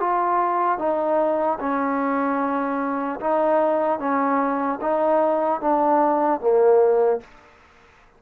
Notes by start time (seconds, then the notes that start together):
0.00 F4
0.78 D#4
1.60 C#4
3.20 D#4
3.99 C#4
4.81 D#4
5.61 D4
6.40 A#3